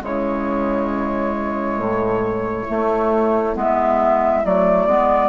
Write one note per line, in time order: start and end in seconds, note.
0.00 1.77 C#3
0.00 2.65 G#3
0.00 5.29 E4
0.00 3.57 C#5
1.77 2.65 A2
2.68 3.55 A3
3.55 4.44 G#3
3.55 4.43 B3
3.55 4.45 E5
4.44 4.86 F#3
4.44 4.88 A3
4.44 5.29 D5
4.86 5.29 G#3
4.86 5.29 B3